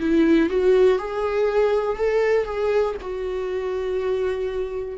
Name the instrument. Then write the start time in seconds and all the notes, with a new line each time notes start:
viola
0.00 E4
0.50 F#4
0.99 G#4
1.97 A4
2.45 G#4
3.01 F#4